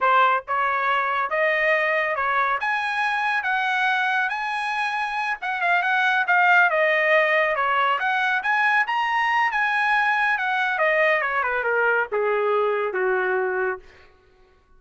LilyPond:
\new Staff \with { instrumentName = "trumpet" } { \time 4/4 \tempo 4 = 139 c''4 cis''2 dis''4~ | dis''4 cis''4 gis''2 | fis''2 gis''2~ | gis''8 fis''8 f''8 fis''4 f''4 dis''8~ |
dis''4. cis''4 fis''4 gis''8~ | gis''8 ais''4. gis''2 | fis''4 dis''4 cis''8 b'8 ais'4 | gis'2 fis'2 | }